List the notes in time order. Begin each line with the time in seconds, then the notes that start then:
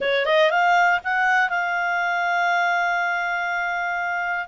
0.00 C#5
0.25 D#5
0.50 F5
1.04 F#5
1.49 F5